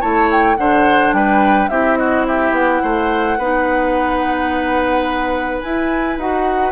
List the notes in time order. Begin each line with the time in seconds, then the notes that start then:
0.00 A3 E4 C#5 A5
0.31 G5
0.56 D3 D4 C5 F#5
1.12 G3 B4 G5
1.69 C4 E4 G4 E5
1.97 F#4 D#5
2.26 G4 E5
2.51 B3 F#5
2.82 A3 C5
3.38 B3 D#4 B4
5.61 E4 G#5
6.17 D#4 F#4 F#5